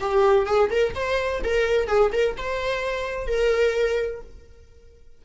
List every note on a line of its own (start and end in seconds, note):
0.00 0.46 G4
0.46 0.70 G#4
0.71 0.94 A#4
0.95 1.42 C5
1.44 1.87 A#4
1.87 2.11 G#4
2.12 2.36 A#4
2.37 3.27 C5
3.27 4.22 A#4